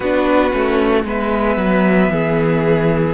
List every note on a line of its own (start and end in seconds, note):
0.00 0.52 B3
0.00 0.51 D4
0.00 1.05 F#4
0.00 1.03 B4
0.51 1.04 A3
0.51 1.04 C#4
1.04 1.57 G#3
1.04 3.14 B3
1.04 2.11 B4
1.04 3.14 E5
1.57 2.09 F#3
2.09 3.14 E3
2.09 3.14 G#4